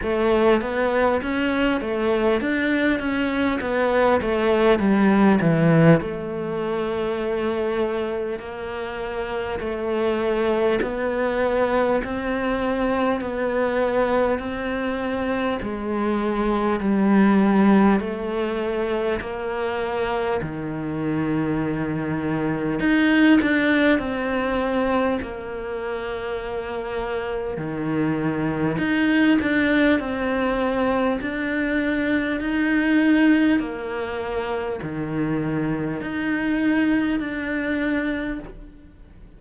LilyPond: \new Staff \with { instrumentName = "cello" } { \time 4/4 \tempo 4 = 50 a8 b8 cis'8 a8 d'8 cis'8 b8 a8 | g8 e8 a2 ais4 | a4 b4 c'4 b4 | c'4 gis4 g4 a4 |
ais4 dis2 dis'8 d'8 | c'4 ais2 dis4 | dis'8 d'8 c'4 d'4 dis'4 | ais4 dis4 dis'4 d'4 | }